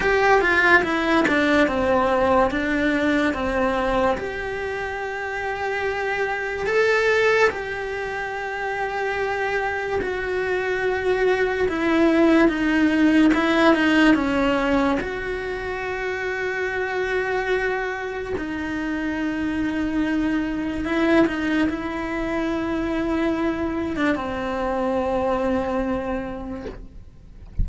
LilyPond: \new Staff \with { instrumentName = "cello" } { \time 4/4 \tempo 4 = 72 g'8 f'8 e'8 d'8 c'4 d'4 | c'4 g'2. | a'4 g'2. | fis'2 e'4 dis'4 |
e'8 dis'8 cis'4 fis'2~ | fis'2 dis'2~ | dis'4 e'8 dis'8 e'2~ | e'8. d'16 c'2. | }